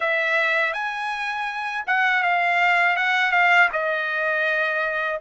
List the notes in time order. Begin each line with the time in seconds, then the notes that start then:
0.00 E5
0.73 G#5
1.87 F#5
2.22 F5
2.96 F#5
3.31 F5
3.72 D#5